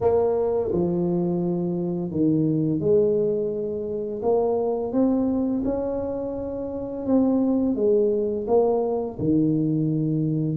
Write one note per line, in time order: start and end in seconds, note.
0.00 0.71 A#3
0.72 2.10 F3
2.10 2.79 D#3
2.79 4.21 G#3
4.22 4.92 A#3
4.92 5.63 C4
5.64 7.06 C#4
7.06 7.75 C4
7.75 8.45 G#3
8.47 9.18 A#3
9.19 10.57 D#3